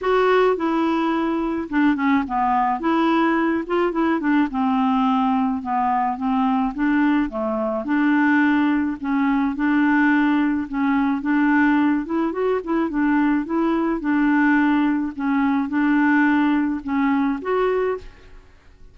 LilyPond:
\new Staff \with { instrumentName = "clarinet" } { \time 4/4 \tempo 4 = 107 fis'4 e'2 d'8 cis'8 | b4 e'4. f'8 e'8 d'8 | c'2 b4 c'4 | d'4 a4 d'2 |
cis'4 d'2 cis'4 | d'4. e'8 fis'8 e'8 d'4 | e'4 d'2 cis'4 | d'2 cis'4 fis'4 | }